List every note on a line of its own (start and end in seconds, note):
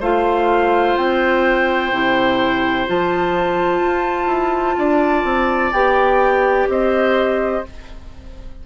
0.00 0.96 A3
0.00 1.93 F4
0.00 4.76 C5
0.00 0.97 F5
0.97 1.92 C4
0.97 2.87 G5
1.92 2.87 C3
1.92 2.87 E4
2.87 3.81 F3
2.87 5.73 F4
2.87 5.73 A5
3.81 4.27 F4
4.27 4.75 E4
4.78 5.24 D4
4.78 6.69 D5
5.24 5.72 C4
5.73 6.68 B3
5.73 7.65 G4
5.73 6.68 G5
6.68 7.63 C4
6.68 7.66 C5
6.68 7.66 D#5